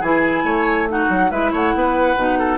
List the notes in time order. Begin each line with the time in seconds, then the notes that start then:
0.00 E3 E4 G#4 G#5
0.43 A3 C#5
0.88 D#4 F#4 F#5
1.09 F#3
1.31 G#3 E4 B4 E5
1.52 A3 C#5 F#5
1.74 B3 B4
2.16 B2 D#4
2.39 A4